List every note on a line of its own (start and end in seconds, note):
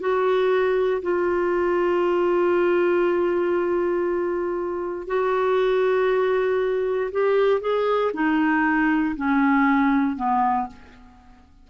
0.00 1.02 F#4
1.02 5.07 F4
5.07 7.11 F#4
7.12 7.61 G4
7.61 8.12 G#4
8.14 9.15 D#4
9.16 10.16 C#4
10.16 10.67 B3